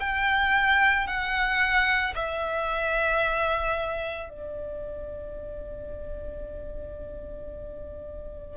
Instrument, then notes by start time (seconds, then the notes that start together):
violin
0.00 G5
1.07 F#5
2.15 E5
4.30 D5